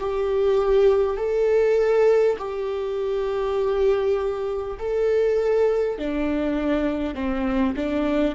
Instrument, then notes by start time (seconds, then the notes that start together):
viola
0.00 G4
1.18 A4
2.38 G4
4.79 A4
5.99 D4
7.15 C4
7.76 D4